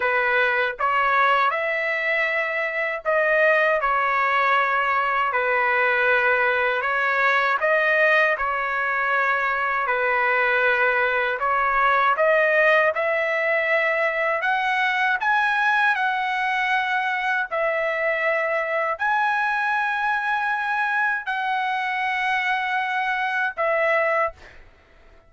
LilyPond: \new Staff \with { instrumentName = "trumpet" } { \time 4/4 \tempo 4 = 79 b'4 cis''4 e''2 | dis''4 cis''2 b'4~ | b'4 cis''4 dis''4 cis''4~ | cis''4 b'2 cis''4 |
dis''4 e''2 fis''4 | gis''4 fis''2 e''4~ | e''4 gis''2. | fis''2. e''4 | }